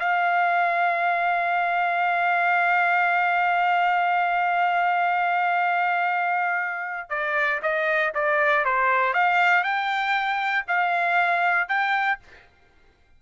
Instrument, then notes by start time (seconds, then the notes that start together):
trumpet
0.00 F5
7.10 D5
7.63 D#5
8.15 D5
8.65 C5
9.14 F5
9.64 G5
10.68 F5
11.69 G5